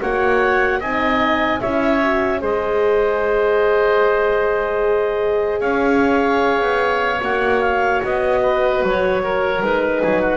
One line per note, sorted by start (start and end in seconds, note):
0.00 0.81 A#3
0.00 0.82 F#4
0.00 0.80 C#5
0.00 0.81 F#5
0.80 1.61 C4
0.80 1.61 D#4
0.80 1.60 D#5
0.80 1.60 G#5
1.60 2.42 C#4
1.60 2.01 E4
1.60 2.41 C#5
1.60 2.40 E5
2.01 2.39 F#4
2.39 5.60 G#3
2.39 7.19 G#4
2.39 5.60 C5
2.39 5.60 D#5
5.60 6.60 C#4
5.60 8.40 C#5
5.60 7.20 F5
6.60 7.20 B3
7.20 8.01 A#3
7.20 9.60 F#4
7.20 7.61 F#5
7.61 8.01 F5
8.03 8.82 B3
8.03 8.84 D#5
8.42 9.22 B4
8.82 9.61 F#3
8.82 9.63 C#5
9.23 10.02 A#4
9.61 10.01 G#3
9.61 10.37 D#4
9.61 10.37 B4
10.02 10.37 F#3
10.02 10.21 G#4
10.21 10.37 F#4